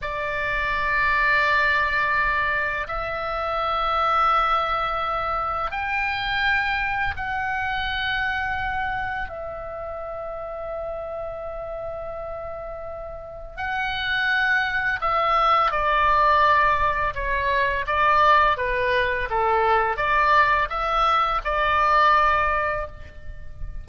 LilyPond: \new Staff \with { instrumentName = "oboe" } { \time 4/4 \tempo 4 = 84 d''1 | e''1 | g''2 fis''2~ | fis''4 e''2.~ |
e''2. fis''4~ | fis''4 e''4 d''2 | cis''4 d''4 b'4 a'4 | d''4 e''4 d''2 | }